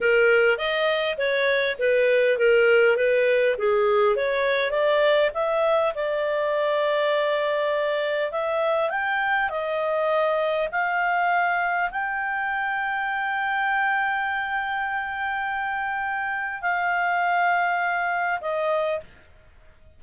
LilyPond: \new Staff \with { instrumentName = "clarinet" } { \time 4/4 \tempo 4 = 101 ais'4 dis''4 cis''4 b'4 | ais'4 b'4 gis'4 cis''4 | d''4 e''4 d''2~ | d''2 e''4 g''4 |
dis''2 f''2 | g''1~ | g''1 | f''2. dis''4 | }